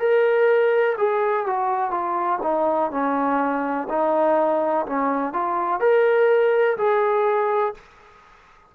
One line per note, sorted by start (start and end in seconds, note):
0.00 0.97 A#4
0.99 1.47 G#4
1.47 1.91 F#4
1.91 2.39 F4
2.43 2.91 D#4
2.92 3.88 C#4
3.89 4.86 D#4
4.87 5.33 C#4
5.33 5.81 F4
5.81 6.77 A#4
6.78 7.75 G#4